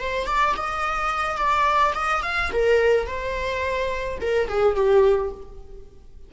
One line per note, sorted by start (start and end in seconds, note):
0.00 0.27 C5
0.27 0.55 D5
0.57 1.38 D#5
1.38 1.94 D5
1.95 2.23 D#5
2.23 2.51 F5
2.53 3.07 A#4
3.07 4.19 C5
4.22 4.49 A#4
4.49 4.76 G#4
4.76 5.32 G4